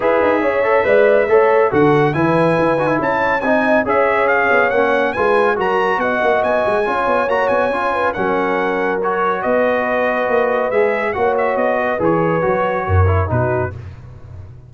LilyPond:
<<
  \new Staff \with { instrumentName = "trumpet" } { \time 4/4 \tempo 4 = 140 e''1 | fis''4 gis''2 a''4 | gis''4 e''4 f''4 fis''4 | gis''4 ais''4 fis''4 gis''4~ |
gis''4 ais''8 gis''4. fis''4~ | fis''4 cis''4 dis''2~ | dis''4 e''4 fis''8 e''8 dis''4 | cis''2. b'4 | }
  \new Staff \with { instrumentName = "horn" } { \time 4/4 b'4 cis''4 d''4 cis''4 | a'4 b'2 cis''4 | dis''4 cis''2. | b'4 ais'4 dis''2 |
cis''2~ cis''8 b'8 ais'4~ | ais'2 b'2~ | b'2 cis''4. b'8~ | b'2 ais'4 fis'4 | }
  \new Staff \with { instrumentName = "trombone" } { \time 4/4 gis'4. a'8 b'4 a'4 | fis'4 e'4. fis'16 e'4~ e'16 | dis'4 gis'2 cis'4 | f'4 fis'2. |
f'4 fis'4 f'4 cis'4~ | cis'4 fis'2.~ | fis'4 gis'4 fis'2 | gis'4 fis'4. e'8 dis'4 | }
  \new Staff \with { instrumentName = "tuba" } { \time 4/4 e'8 dis'8 cis'4 gis4 a4 | d4 e4 e'8 dis'8 cis'4 | c'4 cis'4. b8 ais4 | gis4 fis4 b8 ais8 b8 gis8 |
cis'8 b8 ais8 b8 cis'4 fis4~ | fis2 b2 | ais4 gis4 ais4 b4 | e4 fis4 fis,4 b,4 | }
>>